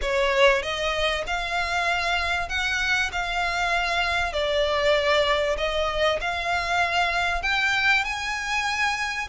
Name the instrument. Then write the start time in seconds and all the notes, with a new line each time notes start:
violin
0.01 C#5
0.62 D#5
1.27 F5
2.49 F#5
3.12 F5
4.32 D5
5.57 D#5
6.20 F5
7.42 G5
8.04 G#5